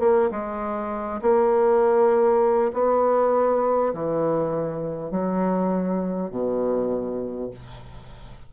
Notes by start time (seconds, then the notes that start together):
0.00 A#3
0.31 G#3
1.22 A#3
2.73 B3
3.94 E3
5.11 F#3
6.31 B2